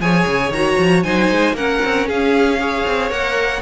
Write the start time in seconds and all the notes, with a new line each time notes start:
0.00 F3 G#4 C#5 G#5
0.27 C#3
0.50 D#3 F#4 A#5
0.79 F3
1.03 F#3 D#4 C5 G#5
1.31 G#3
1.53 A#3 C#4 A#4 F#5
1.84 C4
2.07 C#4 G#4 F5
2.60 G#4 C#5
2.86 C4
3.10 A#3 A#4 F#5